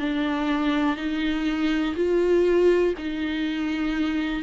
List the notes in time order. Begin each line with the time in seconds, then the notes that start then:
0.00 D4
0.97 D#4
1.96 F4
2.98 D#4